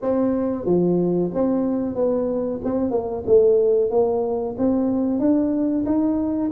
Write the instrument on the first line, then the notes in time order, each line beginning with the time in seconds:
tuba
0.01 C4
0.65 F3
1.34 C4
1.95 B3
2.64 C4
2.91 A#3
3.26 A3
3.90 A#3
4.58 C4
5.19 D4
5.85 D#4